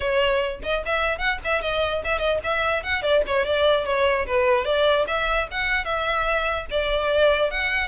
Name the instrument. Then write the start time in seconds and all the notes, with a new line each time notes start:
violin
0.00 C#5
0.62 D#5
0.85 E5
1.18 F#5
1.44 E5
1.61 D#5
2.04 E5
2.18 D#5
2.43 E5
2.83 F#5
3.02 D5
3.26 C#5
3.45 D5
3.85 C#5
4.26 B4
4.65 D5
5.07 E5
5.51 F#5
5.84 E5
6.70 D5
7.51 F#5